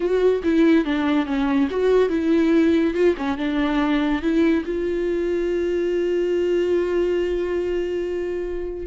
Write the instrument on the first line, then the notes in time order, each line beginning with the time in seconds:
viola
0.00 F#4
0.43 E4
0.84 D4
1.26 C#4
1.70 F#4
2.09 E4
2.94 F4
3.17 C#4
3.37 D4
4.22 E4
4.65 F4